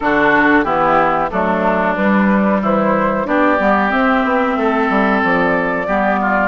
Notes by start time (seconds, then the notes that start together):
0.00 D3 D4 F#4 A4
0.63 E3 B3 E4 G4
1.30 F#3 A3 D4 A4
1.95 G3 B4
2.61 E3 E4 C5
3.25 B3 D4 G4 D5
3.58 G3 B3
3.89 C4 E5
4.24 B3
4.56 A3 A4
4.89 G3
5.23 F3 D5
5.87 G3 B3 G4
6.21 F4